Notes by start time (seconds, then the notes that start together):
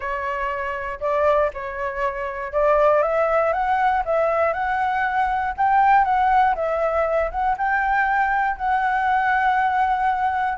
0.00 C#5
1.00 D5
1.53 C#5
2.52 D5
3.02 E5
3.52 F#5
4.05 E5
4.53 F#5
5.57 G5
6.04 F#5
6.55 E5
7.31 F#5
7.57 G5
8.56 F#5